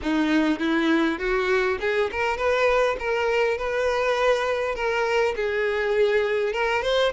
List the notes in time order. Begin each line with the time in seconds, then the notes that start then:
0.02 D#4
0.59 E4
1.19 F#4
1.80 G#4
2.11 A#4
2.37 B4
2.99 A#4
3.57 B4
4.75 A#4
5.36 G#4
6.53 A#4
6.82 C5